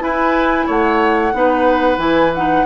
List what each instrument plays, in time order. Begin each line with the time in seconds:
0.00 clarinet E4, bassoon E4, oboe B4, flute G#5
0.67 bassoon A3, oboe C#5, flute F#5
1.34 bassoon B3, clarinet D#4, oboe B4
1.98 bassoon E3, clarinet E4, flute G#5
2.35 clarinet D#4, flute F#5